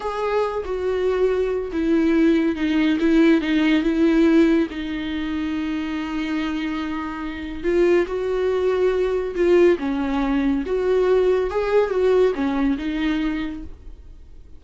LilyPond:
\new Staff \with { instrumentName = "viola" } { \time 4/4 \tempo 4 = 141 gis'4. fis'2~ fis'8 | e'2 dis'4 e'4 | dis'4 e'2 dis'4~ | dis'1~ |
dis'2 f'4 fis'4~ | fis'2 f'4 cis'4~ | cis'4 fis'2 gis'4 | fis'4 cis'4 dis'2 | }